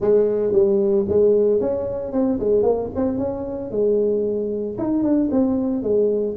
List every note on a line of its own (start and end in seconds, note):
0.00 0.52 G#3
0.52 1.05 G3
1.08 1.60 G#3
1.60 2.12 C#4
2.12 2.39 C4
2.39 2.62 G#3
2.62 2.89 A#3
2.95 3.17 C4
3.17 3.70 C#4
3.70 4.76 G#3
4.77 5.03 D#4
5.03 5.29 D4
5.31 5.82 C4
5.82 6.35 G#3